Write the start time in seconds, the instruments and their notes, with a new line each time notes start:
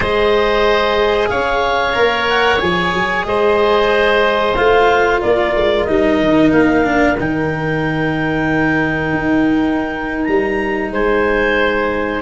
0.00 tuba G#3, cello G#4, oboe C5, clarinet D#5
1.28 tuba C#4, oboe C#5, clarinet F5
1.93 tuba A#3, cello A#4
2.29 clarinet F#5
2.58 tuba F3, cello G#4, clarinet G#5
2.93 tuba F#3
3.25 tuba G#3, oboe C5, clarinet D#5
4.55 tuba A3, cello F4, clarinet F5
5.20 tuba A#3, oboe A#4, clarinet D5
5.54 tuba G#3
5.84 tuba G3, cello D#4, clarinet D#5
6.19 tuba D#3
6.51 tuba A#3, clarinet F5
6.84 cello D4
7.18 tuba D#3, cello D#4, clarinet G5
9.12 tuba D#4
10.24 tuba G3, clarinet A#5
10.90 tuba G#3, oboe C5, clarinet G#5